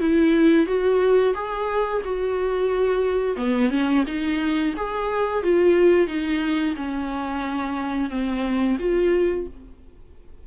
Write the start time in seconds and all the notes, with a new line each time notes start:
0.00 E4
0.66 F#4
1.35 G#4
2.04 F#4
3.36 B3
3.70 C#4
4.07 D#4
4.77 G#4
5.43 F4
6.07 D#4
6.76 C#4
8.10 C4
8.79 F4